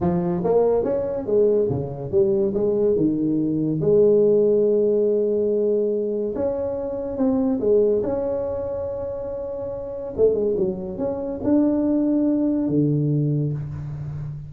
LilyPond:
\new Staff \with { instrumentName = "tuba" } { \time 4/4 \tempo 4 = 142 f4 ais4 cis'4 gis4 | cis4 g4 gis4 dis4~ | dis4 gis2.~ | gis2. cis'4~ |
cis'4 c'4 gis4 cis'4~ | cis'1 | a8 gis8 fis4 cis'4 d'4~ | d'2 d2 | }